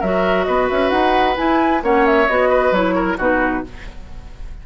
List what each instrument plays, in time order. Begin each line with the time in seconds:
0.00 bassoon F#3, clarinet F#4, oboe A#4, flute E5
0.45 bassoon B3, oboe B4, flute D#5
0.70 bassoon C#4, flute E5
0.90 bassoon D#4, flute F#5
1.36 clarinet E4, bassoon E4, flute G#5
1.82 bassoon A#3, clarinet C#4, oboe C#5, flute F#5
2.06 flute E5
2.29 bassoon B3, clarinet F#4, flute D#5
2.49 oboe B4
2.72 bassoon F#3, clarinet E4, flute C#5
2.95 oboe A#4
3.18 bassoon B2, clarinet D#4, oboe F#4, flute B4